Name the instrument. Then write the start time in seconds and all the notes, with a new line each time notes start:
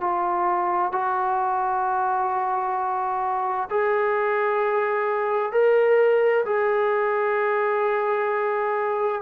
trombone
0.00 F4
0.91 F#4
3.70 G#4
5.52 A#4
6.45 G#4